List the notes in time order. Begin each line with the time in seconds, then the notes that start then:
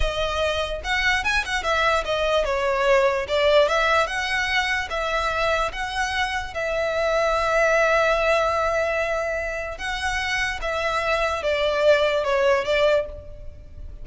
0.00 D#5
0.83 F#5
1.24 G#5
1.45 F#5
1.63 E5
2.04 D#5
2.44 C#5
3.28 D5
3.68 E5
4.06 F#5
4.89 E5
5.72 F#5
6.53 E5
9.78 F#5
10.61 E5
11.42 D5
12.24 C#5
12.64 D5